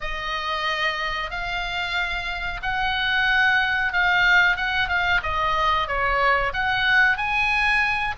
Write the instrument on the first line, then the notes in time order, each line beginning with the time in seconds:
oboe
0.00 D#5
1.30 F5
2.62 F#5
3.92 F5
4.56 F#5
4.88 F5
5.22 D#5
5.87 C#5
6.53 F#5
7.17 G#5